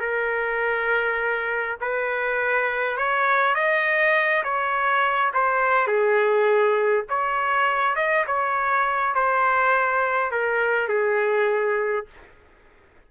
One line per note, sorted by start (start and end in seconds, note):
0.00 1.76 A#4
1.80 2.97 B4
2.97 3.55 C#5
3.55 4.43 D#5
4.44 5.32 C#5
5.33 5.87 C5
5.87 7.05 G#4
7.09 7.95 C#5
7.95 8.25 D#5
8.26 9.14 C#5
9.14 10.31 C5
10.31 10.88 A#4
10.88 12.06 G#4